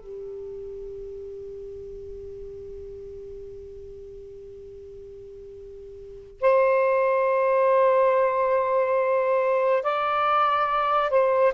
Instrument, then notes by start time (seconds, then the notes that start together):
saxophone
0.00 G4
6.41 C5
9.83 D5
11.10 C5